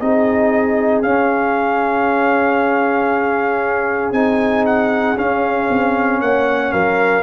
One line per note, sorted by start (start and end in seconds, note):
0.00 1.03 C4
0.00 1.04 D#4
0.00 6.23 G#4
0.00 1.03 D#5
1.03 4.12 C#4
1.03 4.14 C#4
1.03 4.13 F5
4.12 5.16 C4
4.12 5.17 D#4
4.12 4.65 G#5
4.66 5.18 F#5
5.17 7.24 C#4
5.17 5.69 C#4
5.17 6.21 F5
5.70 6.21 C4
6.21 6.73 A#3
6.21 6.73 C#5
6.21 6.73 F#5
6.73 7.24 F#3
6.73 7.24 A#4
6.73 7.24 F5